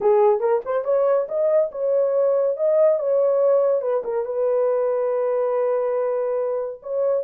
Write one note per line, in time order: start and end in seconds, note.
0.01 0.39 G#4
0.39 0.61 A#4
0.65 0.84 C5
0.84 1.27 C#5
1.28 1.70 D#5
1.71 2.56 C#5
2.56 2.99 D#5
2.99 3.81 C#5
3.81 4.03 B4
4.04 4.25 A#4
4.25 6.80 B4
6.82 7.23 C#5